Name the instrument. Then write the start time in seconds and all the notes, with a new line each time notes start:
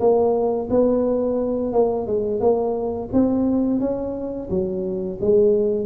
tuba
0.00 A#3
0.70 B3
1.73 A#3
2.07 G#3
2.41 A#3
3.13 C4
3.81 C#4
4.50 F#3
5.21 G#3